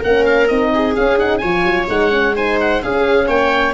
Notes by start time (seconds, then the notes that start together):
0.00 A#3 C#4 A#4 F#5
0.25 F5
0.48 C4 D#4 D#5
0.74 G#4
0.95 C#4 F5
1.17 D#4 F#5
1.38 F3 C#5 G#5
1.44 F4
1.63 F#3
1.88 G#3 D#4 F#5
2.10 C#4
2.36 D#4 C5 G#5
2.60 F#5
2.82 C#4 G#4 F5
3.27 A#3 C#5 G5